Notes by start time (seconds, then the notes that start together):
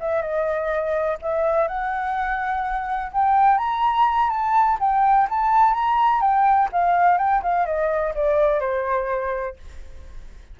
0.00 E5
0.22 D#5
1.22 E5
1.68 F#5
3.13 G5
3.58 A#5
4.30 A5
4.80 G5
5.30 A5
5.74 A#5
6.21 G5
6.72 F5
7.18 G5
7.43 F5
7.66 D#5
8.15 D5
8.60 C5